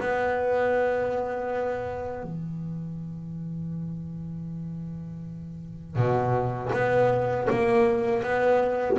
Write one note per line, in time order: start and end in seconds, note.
0.00 2.23 B3
2.23 5.96 E3
5.96 6.71 B2
6.73 7.48 B3
7.50 8.23 A#3
8.23 8.98 B3